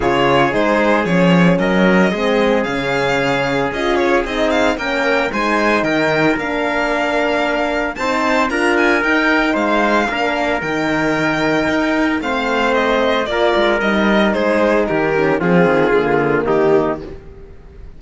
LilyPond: <<
  \new Staff \with { instrumentName = "violin" } { \time 4/4 \tempo 4 = 113 cis''4 c''4 cis''4 dis''4~ | dis''4 f''2 dis''8 cis''8 | dis''8 f''8 g''4 gis''4 g''4 | f''2. a''4 |
ais''8 gis''8 g''4 f''2 | g''2. f''4 | dis''4 d''4 dis''4 c''4 | ais'4 gis'2 g'4 | }
  \new Staff \with { instrumentName = "trumpet" } { \time 4/4 gis'2. ais'4 | gis'1~ | gis'4 ais'4 c''4 ais'4~ | ais'2. c''4 |
ais'2 c''4 ais'4~ | ais'2. c''4~ | c''4 ais'2 gis'4 | g'4 f'2 dis'4 | }
  \new Staff \with { instrumentName = "horn" } { \time 4/4 f'4 dis'4 cis'2 | c'4 cis'2 f'4 | dis'4 cis'4 dis'2 | d'2. dis'4 |
f'4 dis'2 d'4 | dis'2. c'4~ | c'4 f'4 dis'2~ | dis'8 cis'8 c'4 ais2 | }
  \new Staff \with { instrumentName = "cello" } { \time 4/4 cis4 gis4 f4 fis4 | gis4 cis2 cis'4 | c'4 ais4 gis4 dis4 | ais2. c'4 |
d'4 dis'4 gis4 ais4 | dis2 dis'4 a4~ | a4 ais8 gis8 g4 gis4 | dis4 f8 dis8 d4 dis4 | }
>>